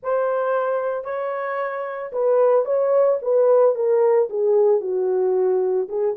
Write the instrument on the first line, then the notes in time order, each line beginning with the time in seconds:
horn
0.02 C5
1.04 C#5
2.12 B4
2.65 C#5
3.21 B4
3.75 A#4
4.29 G#4
4.81 F#4
5.89 G#4